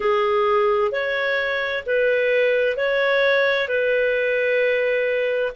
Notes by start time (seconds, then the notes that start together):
0.00 G#4
0.91 C#5
1.85 B4
2.77 C#5
3.68 B4